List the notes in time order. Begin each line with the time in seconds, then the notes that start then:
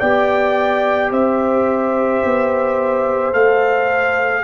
0.00 B3 G4 D5 G5
1.11 C4 C5 E5
2.25 B3
3.33 A3 A4 F5